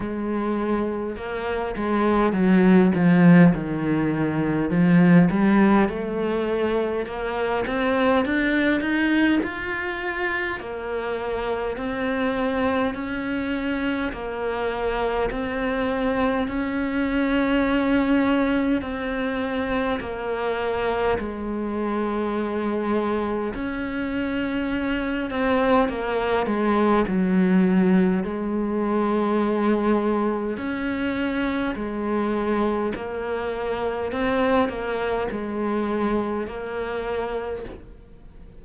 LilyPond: \new Staff \with { instrumentName = "cello" } { \time 4/4 \tempo 4 = 51 gis4 ais8 gis8 fis8 f8 dis4 | f8 g8 a4 ais8 c'8 d'8 dis'8 | f'4 ais4 c'4 cis'4 | ais4 c'4 cis'2 |
c'4 ais4 gis2 | cis'4. c'8 ais8 gis8 fis4 | gis2 cis'4 gis4 | ais4 c'8 ais8 gis4 ais4 | }